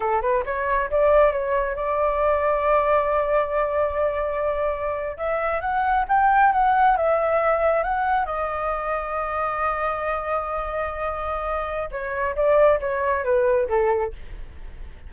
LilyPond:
\new Staff \with { instrumentName = "flute" } { \time 4/4 \tempo 4 = 136 a'8 b'8 cis''4 d''4 cis''4 | d''1~ | d''2.~ d''8. e''16~ | e''8. fis''4 g''4 fis''4 e''16~ |
e''4.~ e''16 fis''4 dis''4~ dis''16~ | dis''1~ | dis''2. cis''4 | d''4 cis''4 b'4 a'4 | }